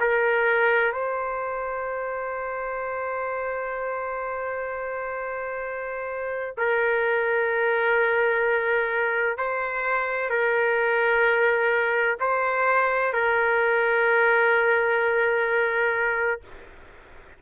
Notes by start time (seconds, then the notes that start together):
0.00 A#4
0.93 C5
6.58 A#4
9.38 C5
10.30 A#4
12.20 C5
13.13 A#4